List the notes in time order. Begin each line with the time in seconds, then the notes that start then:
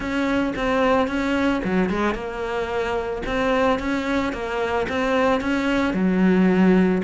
0.00 C#4
0.56 C4
1.07 C#4
1.63 F#3
1.89 G#3
2.14 A#3
3.26 C4
3.79 C#4
4.32 A#3
4.88 C4
5.40 C#4
5.93 F#3